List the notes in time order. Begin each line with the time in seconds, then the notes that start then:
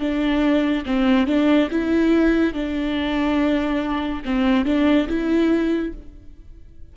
0.00 D4
0.86 C4
1.27 D4
1.71 E4
2.54 D4
4.25 C4
4.66 D4
5.09 E4